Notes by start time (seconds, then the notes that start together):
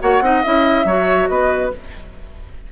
0.00 A#3 F#4 C#5 F#5
0.21 C4 D#4 D#5
0.43 C#4 E4 E5
0.85 F#3 F#4 C#5
1.28 B3 B4 D#5